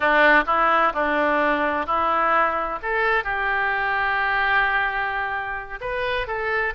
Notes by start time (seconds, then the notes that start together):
0.00 D4
0.46 E4
0.93 D4
1.86 E4
2.82 A4
3.23 G4
5.80 B4
6.27 A4